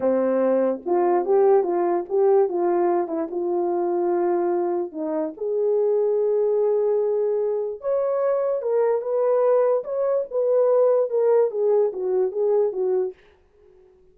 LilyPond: \new Staff \with { instrumentName = "horn" } { \time 4/4 \tempo 4 = 146 c'2 f'4 g'4 | f'4 g'4 f'4. e'8 | f'1 | dis'4 gis'2.~ |
gis'2. cis''4~ | cis''4 ais'4 b'2 | cis''4 b'2 ais'4 | gis'4 fis'4 gis'4 fis'4 | }